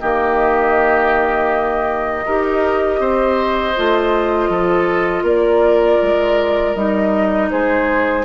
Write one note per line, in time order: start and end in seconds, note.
0.00 2.27 D#3
0.00 2.26 A#3
0.00 2.25 G4
0.00 5.25 D#5
2.25 2.99 D#4
2.25 3.76 G4
2.25 3.00 A#4
2.99 3.74 C4
2.99 4.50 C5
3.76 4.49 A3
3.76 6.75 F4
4.49 5.23 F3
4.49 5.23 A4
5.23 5.98 A#3
5.23 7.48 A#4
5.23 6.75 D5
6.02 6.75 G#3
6.75 7.50 G3
6.75 8.25 D#4
6.75 7.50 D#5
7.50 8.25 G#3
7.50 8.25 G#4
7.50 8.25 C5